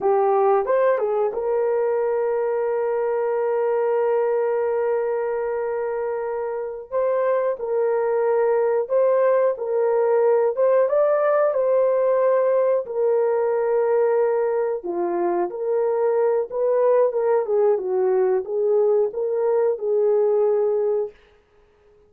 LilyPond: \new Staff \with { instrumentName = "horn" } { \time 4/4 \tempo 4 = 91 g'4 c''8 gis'8 ais'2~ | ais'1~ | ais'2~ ais'8 c''4 ais'8~ | ais'4. c''4 ais'4. |
c''8 d''4 c''2 ais'8~ | ais'2~ ais'8 f'4 ais'8~ | ais'4 b'4 ais'8 gis'8 fis'4 | gis'4 ais'4 gis'2 | }